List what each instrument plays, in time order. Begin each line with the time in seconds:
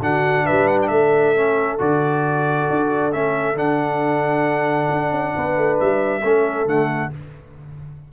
0.00 tuba D3, trombone D4, horn F#4, trumpet F#5
0.45 tuba G3, horn B4, trumpet E5
0.68 trumpet F#5
0.82 trumpet E5 G5
0.90 tuba A3, horn A4
1.36 trombone C#4
1.79 tuba D3, trombone F#4, trumpet D5
2.70 tuba D4
3.13 tuba A3, trombone C#4, trumpet E5
3.55 tuba D3, trombone D4, trumpet F#5
4.91 tuba D4
5.12 tuba C#4
5.36 tuba B3, horn B4
5.57 tuba A3
5.80 tuba G3, trumpet E5
6.23 tuba A3, trombone C#4, horn A4
6.66 tuba D3, trombone A3, trumpet F#5